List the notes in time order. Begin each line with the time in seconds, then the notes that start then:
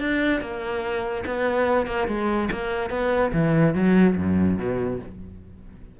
0.00 D4
0.41 A#3
1.26 B3
1.87 A#3
2.08 G#3
2.52 A#3
2.90 B3
3.33 E3
3.74 F#3
4.16 F#2
4.58 B2